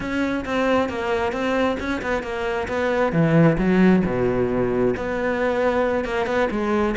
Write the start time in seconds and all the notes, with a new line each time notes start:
0.00 C#4
0.45 C4
0.89 A#3
1.32 C4
1.79 C#4
2.02 B3
2.22 A#3
2.68 B3
3.12 E3
3.57 F#3
4.05 B2
4.96 B3
6.04 A#3
6.26 B3
6.50 G#3